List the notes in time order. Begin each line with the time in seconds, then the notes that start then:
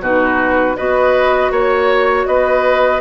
0.00 B2 D#4 F#4 B4
0.77 B3 F#4 B4 D#5
1.51 A#3 C#5
2.26 B3 B4 D#5